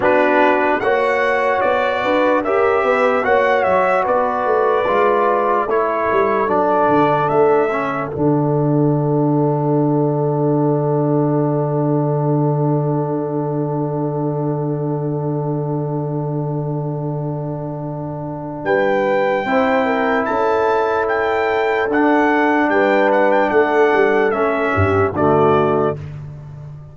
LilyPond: <<
  \new Staff \with { instrumentName = "trumpet" } { \time 4/4 \tempo 4 = 74 b'4 fis''4 d''4 e''4 | fis''8 e''8 d''2 cis''4 | d''4 e''4 fis''2~ | fis''1~ |
fis''1~ | fis''2. g''4~ | g''4 a''4 g''4 fis''4 | g''8 fis''16 g''16 fis''4 e''4 d''4 | }
  \new Staff \with { instrumentName = "horn" } { \time 4/4 fis'4 cis''4. b'8 ais'8 b'8 | cis''4 b'2 a'4~ | a'1~ | a'1~ |
a'1~ | a'2. b'4 | c''8 ais'8 a'2. | b'4 a'4. g'8 fis'4 | }
  \new Staff \with { instrumentName = "trombone" } { \time 4/4 d'4 fis'2 g'4 | fis'2 f'4 e'4 | d'4. cis'8 d'2~ | d'1~ |
d'1~ | d'1 | e'2. d'4~ | d'2 cis'4 a4 | }
  \new Staff \with { instrumentName = "tuba" } { \time 4/4 b4 ais4 b8 d'8 cis'8 b8 | ais8 fis8 b8 a8 gis4 a8 g8 | fis8 d8 a4 d2~ | d1~ |
d1~ | d2. g4 | c'4 cis'2 d'4 | g4 a8 g8 a8 g,8 d4 | }
>>